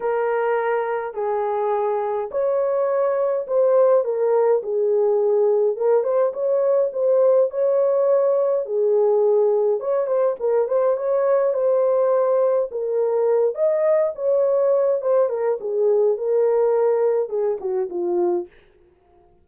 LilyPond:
\new Staff \with { instrumentName = "horn" } { \time 4/4 \tempo 4 = 104 ais'2 gis'2 | cis''2 c''4 ais'4 | gis'2 ais'8 c''8 cis''4 | c''4 cis''2 gis'4~ |
gis'4 cis''8 c''8 ais'8 c''8 cis''4 | c''2 ais'4. dis''8~ | dis''8 cis''4. c''8 ais'8 gis'4 | ais'2 gis'8 fis'8 f'4 | }